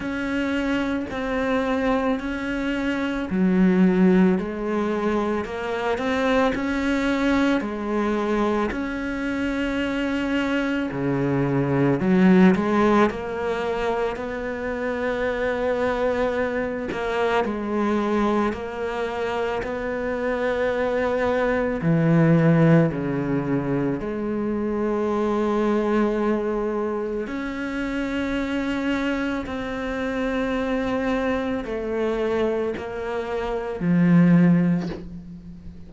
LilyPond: \new Staff \with { instrumentName = "cello" } { \time 4/4 \tempo 4 = 55 cis'4 c'4 cis'4 fis4 | gis4 ais8 c'8 cis'4 gis4 | cis'2 cis4 fis8 gis8 | ais4 b2~ b8 ais8 |
gis4 ais4 b2 | e4 cis4 gis2~ | gis4 cis'2 c'4~ | c'4 a4 ais4 f4 | }